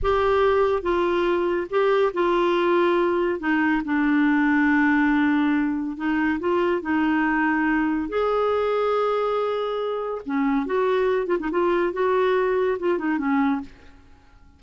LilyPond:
\new Staff \with { instrumentName = "clarinet" } { \time 4/4 \tempo 4 = 141 g'2 f'2 | g'4 f'2. | dis'4 d'2.~ | d'2 dis'4 f'4 |
dis'2. gis'4~ | gis'1 | cis'4 fis'4. f'16 dis'16 f'4 | fis'2 f'8 dis'8 cis'4 | }